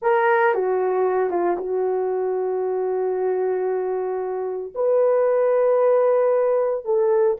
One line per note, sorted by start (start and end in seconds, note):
0.01 0.54 A#4
0.54 1.30 F#4
1.30 1.56 F4
1.57 4.73 F#4
4.74 6.84 B4
6.84 7.37 A4